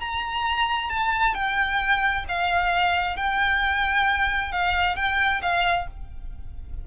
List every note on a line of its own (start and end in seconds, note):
0.00 0.90 A#5
0.90 1.35 A5
1.35 2.25 G5
2.28 3.17 F5
3.17 4.52 G5
4.52 4.96 F5
4.96 5.41 G5
5.42 5.87 F5